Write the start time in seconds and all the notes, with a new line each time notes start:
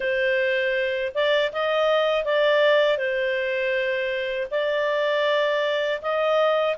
0.00 C5
1.14 D5
1.52 D#5
2.25 D5
2.97 C5
4.50 D5
6.01 D#5